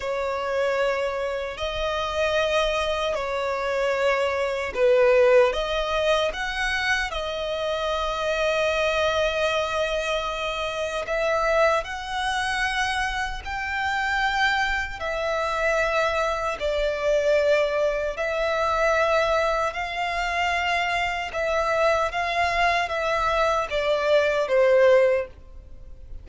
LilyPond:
\new Staff \with { instrumentName = "violin" } { \time 4/4 \tempo 4 = 76 cis''2 dis''2 | cis''2 b'4 dis''4 | fis''4 dis''2.~ | dis''2 e''4 fis''4~ |
fis''4 g''2 e''4~ | e''4 d''2 e''4~ | e''4 f''2 e''4 | f''4 e''4 d''4 c''4 | }